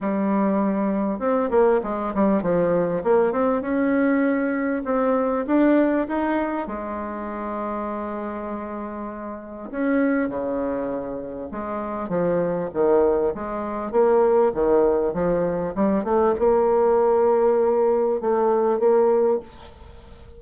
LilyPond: \new Staff \with { instrumentName = "bassoon" } { \time 4/4 \tempo 4 = 99 g2 c'8 ais8 gis8 g8 | f4 ais8 c'8 cis'2 | c'4 d'4 dis'4 gis4~ | gis1 |
cis'4 cis2 gis4 | f4 dis4 gis4 ais4 | dis4 f4 g8 a8 ais4~ | ais2 a4 ais4 | }